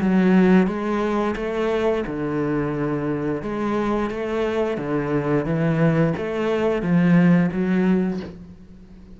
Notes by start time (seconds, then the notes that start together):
0.00 F#3
0.66 G#3
1.35 A3
2.06 D3
3.42 G#3
4.10 A3
4.77 D3
5.45 E3
6.17 A3
6.82 F3
7.51 F#3